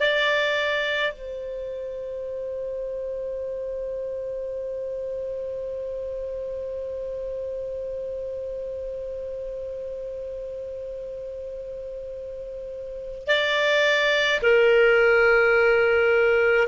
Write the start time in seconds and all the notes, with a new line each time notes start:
0.00 D5
1.13 C5
13.28 D5
14.42 A#4